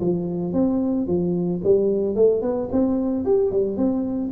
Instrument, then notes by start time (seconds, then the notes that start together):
tuba
0.00 F3
0.53 C4
1.07 F3
1.63 G3
2.15 A3
2.42 B3
2.71 C4
3.25 G4
3.51 G3
3.77 C4